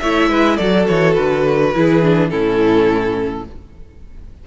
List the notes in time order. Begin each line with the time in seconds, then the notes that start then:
0.00 A3 E4 C#5 E5
0.30 G#3 B4
0.57 F#3 F#4 A4 D5
0.88 E3 C#5
1.14 D3 B4
1.75 E3 E4 G#4
2.03 D4
2.30 A2 C#4 E4 A4